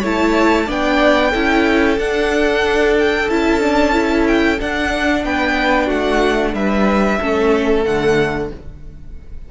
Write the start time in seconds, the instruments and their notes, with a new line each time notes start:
0.00 cello A3, viola E4, violin C#5 A5
0.66 cello B3, viola D4, violin D5 G5
1.31 cello C#4, viola E4, violin A4
1.98 cello D4, viola D4, violin F#5
3.00 violin G5
3.30 cello C#4, viola E4, violin A5
3.62 viola D4
3.93 viola E4
4.28 violin G5
4.60 viola D4, cello D4, violin F#5
5.25 cello B3, violin B4 G5
5.87 cello A3, violin F#4 F#5
6.54 cello G3, violin B4 E5
7.19 cello A3, viola C#4, violin A4
7.84 cello D3, viola A3, violin F#5